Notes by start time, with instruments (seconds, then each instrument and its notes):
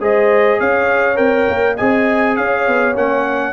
0.00 tuba G#3, trombone G#4, horn C5, trumpet D#5
0.59 tuba C#4, horn C#5, trumpet F5
1.16 tuba C4, trombone A#4, trumpet G5
1.49 tuba A#3
1.75 tuba C4, trombone G#4, horn D#5, trumpet G#5
2.36 tuba C#4, horn C#5, trumpet F5
2.67 tuba B3
2.95 tuba A#3, trombone C#4, trumpet F#5